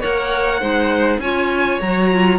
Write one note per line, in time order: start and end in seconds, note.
0.00 0.61 A#3
0.00 0.60 A#4
0.00 0.59 C#5
0.00 1.20 F#5
0.60 1.18 G#3
0.60 1.20 D#4
0.60 1.19 C5
1.18 1.77 C#4
1.18 1.81 F4
1.18 2.38 C#5
1.18 1.80 G#5
1.80 2.38 F#3
1.80 2.12 F#4
1.80 2.38 A#5
2.12 2.38 F4